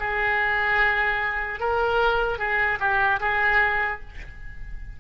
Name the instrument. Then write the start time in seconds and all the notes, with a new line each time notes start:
oboe
0.00 G#4
1.60 A#4
2.39 G#4
2.80 G4
3.20 G#4